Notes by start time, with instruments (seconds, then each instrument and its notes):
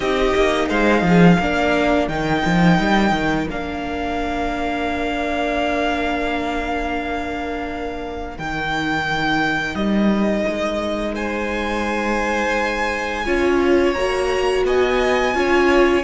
0.00 cello C4, viola D#4, violin G4 D#5
0.35 cello A#3
0.68 cello G#3, violin C5 F5
1.02 cello F3, violin G#4
1.39 cello A#3, viola D4, violin A#4
2.08 cello D#3, viola D#4, violin G5
2.45 cello F3
2.78 cello G3
3.11 cello D#3
3.49 cello A#3, viola D4, violin F5
8.36 cello D#3, viola D#4, violin G5
9.75 cello G3, violin D#5
10.48 cello G#3
11.15 violin C5 G#5
13.25 cello C#4, viola F4, violin C#5
13.93 cello A#3, viola F#4, violin A#5
14.64 cello B3, violin D#5 G#5
15.33 cello C#4, viola F4, violin C#5